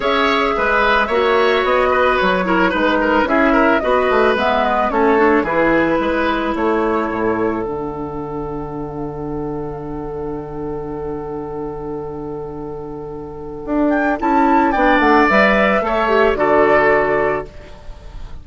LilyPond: <<
  \new Staff \with { instrumentName = "flute" } { \time 4/4 \tempo 4 = 110 e''2. dis''4 | cis''4 b'4 e''4 dis''4 | e''8 dis''8 cis''4 b'2 | cis''2 fis''2~ |
fis''1~ | fis''1~ | fis''4. g''8 a''4 g''8 fis''8 | e''2 d''2 | }
  \new Staff \with { instrumentName = "oboe" } { \time 4/4 cis''4 b'4 cis''4. b'8~ | b'8 ais'8 b'8 ais'8 gis'8 ais'8 b'4~ | b'4 a'4 gis'4 b'4 | a'1~ |
a'1~ | a'1~ | a'2. d''4~ | d''4 cis''4 a'2 | }
  \new Staff \with { instrumentName = "clarinet" } { \time 4/4 gis'2 fis'2~ | fis'8 e'8 dis'4 e'4 fis'4 | b4 cis'8 d'8 e'2~ | e'2 d'2~ |
d'1~ | d'1~ | d'2 e'4 d'4 | b'4 a'8 g'8 fis'2 | }
  \new Staff \with { instrumentName = "bassoon" } { \time 4/4 cis'4 gis4 ais4 b4 | fis4 gis4 cis'4 b8 a8 | gis4 a4 e4 gis4 | a4 a,4 d2~ |
d1~ | d1~ | d4 d'4 cis'4 b8 a8 | g4 a4 d2 | }
>>